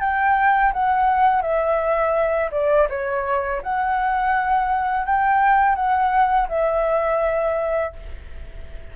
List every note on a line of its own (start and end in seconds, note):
0.00 0.72 G5
0.73 1.42 F#5
1.42 2.50 E5
2.51 2.88 D5
2.89 3.61 C#5
3.62 5.06 F#5
5.06 5.75 G5
5.75 6.48 F#5
6.48 7.93 E5